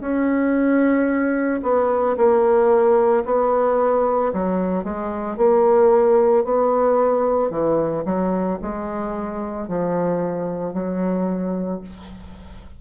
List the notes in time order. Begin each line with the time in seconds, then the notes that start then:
0.00 C#4
1.63 B3
2.17 A#3
3.25 B3
4.33 F#3
4.84 G#3
5.37 A#3
6.44 B3
7.50 E3
8.05 F#3
8.62 G#3
9.68 F3
10.73 F#3